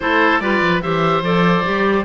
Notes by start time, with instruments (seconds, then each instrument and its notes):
0.00 cello A3, clarinet E4, oboe A4 C5
0.39 cello G3, clarinet F4, oboe B4 D5
0.61 cello F3
0.82 cello E3, clarinet G4, oboe C5 E5
1.22 cello F3, clarinet A4, oboe D5
1.65 cello G3, clarinet G4